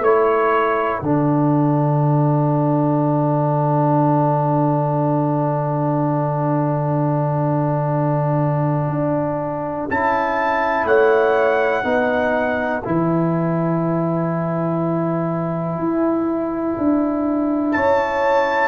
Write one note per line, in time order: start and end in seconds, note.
0.00 0.98 A3
0.00 1.02 E4
0.00 10.86 A4
0.00 1.00 C#5
1.00 8.89 D3
1.00 9.90 D4
1.00 9.85 F#5
8.89 9.87 D4
9.90 10.84 C#4
9.90 11.84 E4
9.90 10.87 A5
10.84 11.83 A3
10.84 11.84 C#5
10.84 12.83 F#5
11.84 12.83 B3
11.84 12.82 D#4
11.84 17.74 B4
12.83 15.78 E3
12.83 18.68 E4
12.83 17.72 G#5
15.78 16.77 E4
16.78 17.76 D4
17.72 18.68 C#4
17.72 18.68 C#5
17.72 18.68 A5